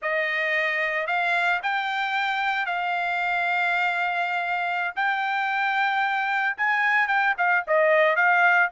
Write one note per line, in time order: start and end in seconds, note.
0.02 1.06 D#5
1.06 1.60 F5
1.62 2.66 G5
2.66 4.93 F5
4.95 6.56 G5
6.57 7.07 G#5
7.07 7.34 G5
7.37 7.64 F5
7.67 8.16 D#5
8.16 8.69 F5